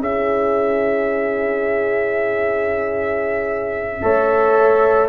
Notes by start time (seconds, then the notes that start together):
0.00 C#4 E4 G#4 E5
4.02 A3 A4 C#5